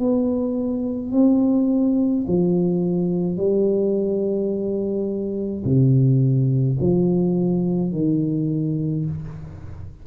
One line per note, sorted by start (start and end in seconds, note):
0.00 1.12 B3
1.12 2.25 C4
2.27 3.37 F3
3.37 5.63 G3
5.65 6.78 C3
6.80 7.92 F3
7.92 9.06 D#3